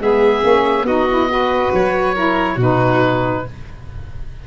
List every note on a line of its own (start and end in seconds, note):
0.00 0.43 G#3
0.00 0.43 B3
0.00 0.87 G#4
0.00 0.87 E5
0.43 0.83 A#3
0.43 0.86 C#4
0.83 1.69 B3
0.83 1.08 D#4
0.83 1.30 F#4
0.83 1.73 D#5
1.09 1.29 E4
1.29 2.15 F#4
1.29 2.15 B4
1.74 2.57 F#3
1.74 2.61 C#5
2.15 2.58 E4
2.15 2.55 A#4
2.55 3.43 B2
2.55 3.46 D#4
2.55 3.41 F#4
2.62 3.48 B4